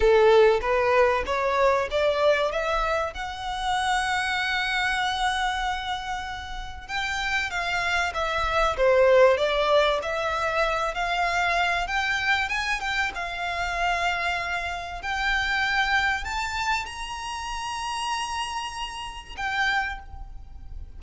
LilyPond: \new Staff \with { instrumentName = "violin" } { \time 4/4 \tempo 4 = 96 a'4 b'4 cis''4 d''4 | e''4 fis''2.~ | fis''2. g''4 | f''4 e''4 c''4 d''4 |
e''4. f''4. g''4 | gis''8 g''8 f''2. | g''2 a''4 ais''4~ | ais''2. g''4 | }